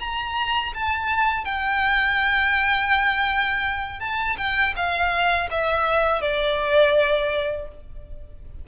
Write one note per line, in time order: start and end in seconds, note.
0.00 0.73 A#5
0.75 1.45 A5
1.45 4.00 G5
4.00 4.37 A5
4.38 4.75 G5
4.77 5.50 F5
5.51 6.22 E5
6.22 7.68 D5